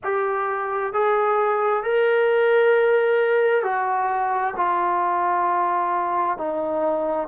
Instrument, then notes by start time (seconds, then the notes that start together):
trombone
0.03 G4
0.93 G#4
1.83 A#4
3.63 F#4
4.56 F4
6.37 D#4